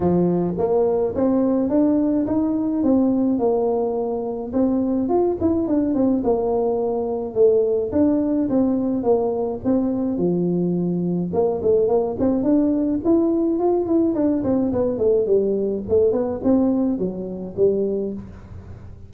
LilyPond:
\new Staff \with { instrumentName = "tuba" } { \time 4/4 \tempo 4 = 106 f4 ais4 c'4 d'4 | dis'4 c'4 ais2 | c'4 f'8 e'8 d'8 c'8 ais4~ | ais4 a4 d'4 c'4 |
ais4 c'4 f2 | ais8 a8 ais8 c'8 d'4 e'4 | f'8 e'8 d'8 c'8 b8 a8 g4 | a8 b8 c'4 fis4 g4 | }